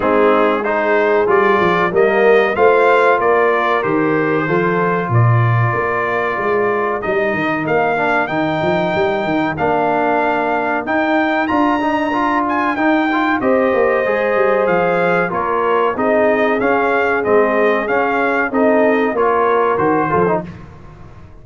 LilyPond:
<<
  \new Staff \with { instrumentName = "trumpet" } { \time 4/4 \tempo 4 = 94 gis'4 c''4 d''4 dis''4 | f''4 d''4 c''2 | d''2. dis''4 | f''4 g''2 f''4~ |
f''4 g''4 ais''4. gis''8 | g''4 dis''2 f''4 | cis''4 dis''4 f''4 dis''4 | f''4 dis''4 cis''4 c''4 | }
  \new Staff \with { instrumentName = "horn" } { \time 4/4 dis'4 gis'2 ais'4 | c''4 ais'2 a'4 | ais'1~ | ais'1~ |
ais'1~ | ais'4 c''2. | ais'4 gis'2.~ | gis'4 a'4 ais'4. a'8 | }
  \new Staff \with { instrumentName = "trombone" } { \time 4/4 c'4 dis'4 f'4 ais4 | f'2 g'4 f'4~ | f'2. dis'4~ | dis'8 d'8 dis'2 d'4~ |
d'4 dis'4 f'8 dis'8 f'4 | dis'8 f'8 g'4 gis'2 | f'4 dis'4 cis'4 c'4 | cis'4 dis'4 f'4 fis'8 f'16 dis'16 | }
  \new Staff \with { instrumentName = "tuba" } { \time 4/4 gis2 g8 f8 g4 | a4 ais4 dis4 f4 | ais,4 ais4 gis4 g8 dis8 | ais4 dis8 f8 g8 dis8 ais4~ |
ais4 dis'4 d'2 | dis'4 c'8 ais8 gis8 g8 f4 | ais4 c'4 cis'4 gis4 | cis'4 c'4 ais4 dis8 f8 | }
>>